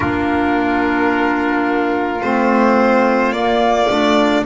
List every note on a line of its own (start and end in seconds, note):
0.00 2.21 A#3
0.00 2.18 D4
0.00 4.45 F4
0.00 2.21 A#4
2.21 3.31 A3
2.21 3.35 C4
2.21 3.32 C5
3.31 3.87 A#3
3.31 3.90 A#3
3.31 4.43 D5
3.90 4.45 A3
3.90 4.45 D4